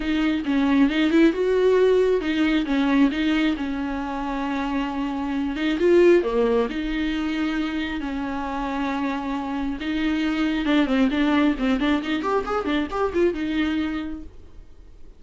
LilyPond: \new Staff \with { instrumentName = "viola" } { \time 4/4 \tempo 4 = 135 dis'4 cis'4 dis'8 e'8 fis'4~ | fis'4 dis'4 cis'4 dis'4 | cis'1~ | cis'8 dis'8 f'4 ais4 dis'4~ |
dis'2 cis'2~ | cis'2 dis'2 | d'8 c'8 d'4 c'8 d'8 dis'8 g'8 | gis'8 d'8 g'8 f'8 dis'2 | }